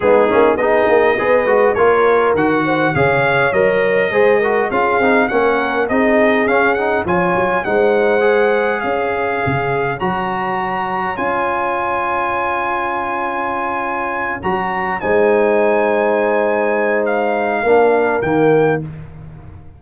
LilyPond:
<<
  \new Staff \with { instrumentName = "trumpet" } { \time 4/4 \tempo 4 = 102 gis'4 dis''2 cis''4 | fis''4 f''4 dis''2 | f''4 fis''4 dis''4 f''8 fis''8 | gis''4 fis''2 f''4~ |
f''4 ais''2 gis''4~ | gis''1~ | gis''8 ais''4 gis''2~ gis''8~ | gis''4 f''2 g''4 | }
  \new Staff \with { instrumentName = "horn" } { \time 4/4 dis'4 gis'4 b'4 ais'4~ | ais'8 c''8 cis''2 c''8 ais'8 | gis'4 ais'4 gis'2 | cis''4 c''2 cis''4~ |
cis''1~ | cis''1~ | cis''4. c''2~ c''8~ | c''2 ais'2 | }
  \new Staff \with { instrumentName = "trombone" } { \time 4/4 b8 cis'8 dis'4 gis'8 fis'8 f'4 | fis'4 gis'4 ais'4 gis'8 fis'8 | f'8 dis'8 cis'4 dis'4 cis'8 dis'8 | f'4 dis'4 gis'2~ |
gis'4 fis'2 f'4~ | f'1~ | f'8 fis'4 dis'2~ dis'8~ | dis'2 d'4 ais4 | }
  \new Staff \with { instrumentName = "tuba" } { \time 4/4 gis8 ais8 b8 ais8 b8 gis8 ais4 | dis4 cis4 fis4 gis4 | cis'8 c'8 ais4 c'4 cis'4 | f8 fis8 gis2 cis'4 |
cis4 fis2 cis'4~ | cis'1~ | cis'8 fis4 gis2~ gis8~ | gis2 ais4 dis4 | }
>>